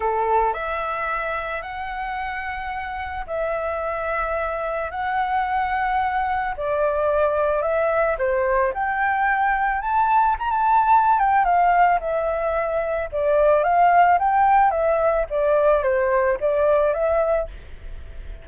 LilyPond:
\new Staff \with { instrumentName = "flute" } { \time 4/4 \tempo 4 = 110 a'4 e''2 fis''4~ | fis''2 e''2~ | e''4 fis''2. | d''2 e''4 c''4 |
g''2 a''4 ais''16 a''8.~ | a''8 g''8 f''4 e''2 | d''4 f''4 g''4 e''4 | d''4 c''4 d''4 e''4 | }